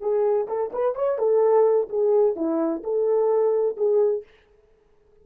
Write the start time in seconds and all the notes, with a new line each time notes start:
0.00 G#4
0.47 A4
0.72 B4
0.95 C#5
1.18 A4
1.89 G#4
2.36 E4
2.83 A4
3.76 G#4